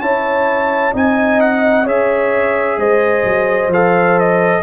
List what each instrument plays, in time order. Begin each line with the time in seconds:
0.00 tuba C#4, trombone E4, horn C#5, trumpet A5
0.93 tuba C4, trombone D#4, horn D#5, trumpet G#5
1.40 trumpet F#5
1.84 tuba C#4, trombone G#4, horn C#5, trumpet E5
2.78 tuba G#3, horn C5, trumpet D#5
3.24 tuba F#3
3.68 tuba F3, trombone A4, trumpet F5
4.19 trumpet D#5